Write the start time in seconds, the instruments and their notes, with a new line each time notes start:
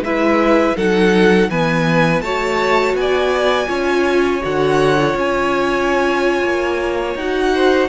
0.00 cello G#3, viola E4, violin B4 E5
0.76 cello F#3, viola D#4, violin A4 F#5
1.49 cello E3, viola B3, violin B4 G#5
2.21 cello A3, viola F#4, violin C#5 A5
2.94 cello B3, violin G#5
3.01 violin D5
3.68 cello C#4, viola F4, violin C#5
4.41 cello D3, viola F#4, violin F#5
4.98 viola F4
5.15 cello C#4, violin G#5
6.43 cello A#3
7.15 cello D#4, viola F#4, violin F#5
7.54 violin C5